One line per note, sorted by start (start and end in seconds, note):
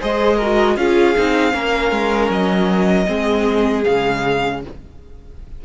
0.00 0.76 G#3
0.00 0.38 G#4
0.00 0.36 C5
0.00 0.76 D#5
0.36 0.77 F#4
0.36 0.75 A#4
0.76 1.15 C#4
0.76 1.16 F4
0.76 1.53 G#4
0.76 2.30 F5
1.16 1.53 C4
1.16 1.52 D#4
1.52 1.91 A#3
1.52 3.06 C#4
1.52 3.07 A#4
1.91 2.29 G#3
2.29 3.06 F#3
2.29 3.84 D#5
3.06 3.85 G#3
3.06 3.83 C4
3.06 4.61 G#4
3.84 4.64 C#3
3.84 4.63 G#3
3.84 4.61 F5